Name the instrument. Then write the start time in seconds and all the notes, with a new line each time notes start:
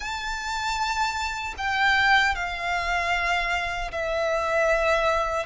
violin
0.00 A5
1.57 G5
2.35 F5
3.91 E5